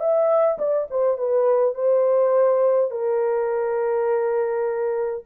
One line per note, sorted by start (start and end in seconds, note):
0.00 0.58 E5
0.59 0.88 D5
0.91 1.18 C5
1.18 1.74 B4
1.74 2.91 C5
2.91 5.24 A#4